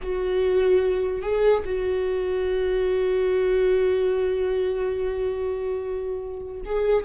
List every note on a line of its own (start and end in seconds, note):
0.02 1.22 F#4
1.22 1.63 G#4
1.65 6.61 F#4
6.65 7.04 G#4